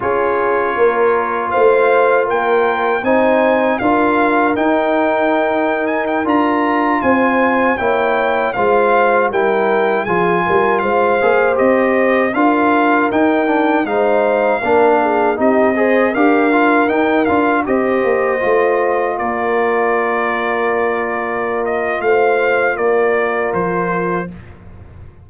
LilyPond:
<<
  \new Staff \with { instrumentName = "trumpet" } { \time 4/4 \tempo 4 = 79 cis''2 f''4 g''4 | gis''4 f''4 g''4.~ g''16 gis''16 | g''16 ais''4 gis''4 g''4 f''8.~ | f''16 g''4 gis''4 f''4 dis''8.~ |
dis''16 f''4 g''4 f''4.~ f''16~ | f''16 dis''4 f''4 g''8 f''8 dis''8.~ | dis''4~ dis''16 d''2~ d''8.~ | d''8 dis''8 f''4 d''4 c''4 | }
  \new Staff \with { instrumentName = "horn" } { \time 4/4 gis'4 ais'4 c''4 ais'4 | c''4 ais'2.~ | ais'4~ ais'16 c''4 cis''4 c''8.~ | c''16 ais'4 gis'8 ais'8 c''4.~ c''16~ |
c''16 ais'2 c''4 ais'8 gis'16~ | gis'16 g'8 c''8 ais'2 c''8.~ | c''4~ c''16 ais'2~ ais'8.~ | ais'4 c''4 ais'2 | }
  \new Staff \with { instrumentName = "trombone" } { \time 4/4 f'1 | dis'4 f'4 dis'2~ | dis'16 f'2 e'4 f'8.~ | f'16 e'4 f'4. gis'8 g'8.~ |
g'16 f'4 dis'8 d'8 dis'4 d'8.~ | d'16 dis'8 gis'8 g'8 f'8 dis'8 f'8 g'8.~ | g'16 f'2.~ f'8.~ | f'1 | }
  \new Staff \with { instrumentName = "tuba" } { \time 4/4 cis'4 ais4 a4 ais4 | c'4 d'4 dis'2~ | dis'16 d'4 c'4 ais4 gis8.~ | gis16 g4 f8 g8 gis8 ais8 c'8.~ |
c'16 d'4 dis'4 gis4 ais8.~ | ais16 c'4 d'4 dis'8 d'8 c'8 ais16~ | ais16 a4 ais2~ ais8.~ | ais4 a4 ais4 f4 | }
>>